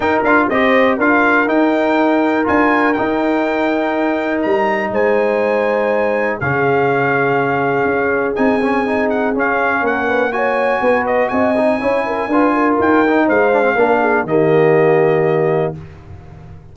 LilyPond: <<
  \new Staff \with { instrumentName = "trumpet" } { \time 4/4 \tempo 4 = 122 g''8 f''8 dis''4 f''4 g''4~ | g''4 gis''4 g''2~ | g''4 ais''4 gis''2~ | gis''4 f''2.~ |
f''4 gis''4. fis''8 f''4 | fis''4 gis''4. dis''8 gis''4~ | gis''2 g''4 f''4~ | f''4 dis''2. | }
  \new Staff \with { instrumentName = "horn" } { \time 4/4 ais'4 c''4 ais'2~ | ais'1~ | ais'2 c''2~ | c''4 gis'2.~ |
gis'1 | ais'8 b'8 cis''4 b'4 dis''4 | cis''8 ais'8 b'8 ais'4. c''4 | ais'8 gis'8 g'2. | }
  \new Staff \with { instrumentName = "trombone" } { \time 4/4 dis'8 f'8 g'4 f'4 dis'4~ | dis'4 f'4 dis'2~ | dis'1~ | dis'4 cis'2.~ |
cis'4 dis'8 cis'8 dis'4 cis'4~ | cis'4 fis'2~ fis'8 dis'8 | e'4 f'4. dis'4 d'16 c'16 | d'4 ais2. | }
  \new Staff \with { instrumentName = "tuba" } { \time 4/4 dis'8 d'8 c'4 d'4 dis'4~ | dis'4 d'4 dis'2~ | dis'4 g4 gis2~ | gis4 cis2. |
cis'4 c'2 cis'4 | ais2 b4 c'4 | cis'4 d'4 dis'4 gis4 | ais4 dis2. | }
>>